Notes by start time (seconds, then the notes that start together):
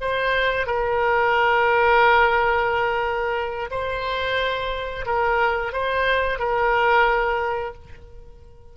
0.00 C5
0.66 A#4
3.70 C5
5.05 A#4
5.72 C5
6.39 A#4